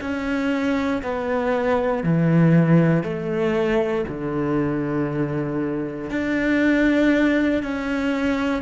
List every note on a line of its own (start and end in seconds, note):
0.00 1.02 C#4
1.02 2.03 B3
2.03 3.03 E3
3.03 4.04 A3
4.08 6.10 D3
6.10 7.62 D4
7.62 8.62 C#4